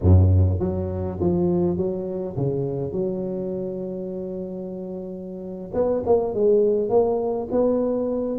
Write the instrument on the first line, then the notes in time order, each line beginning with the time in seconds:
tuba
0.01 F#2
0.59 F#3
1.20 F3
1.77 F#3
2.36 C#3
2.91 F#3
5.73 B3
6.06 A#3
6.33 G#3
6.89 A#3
7.51 B3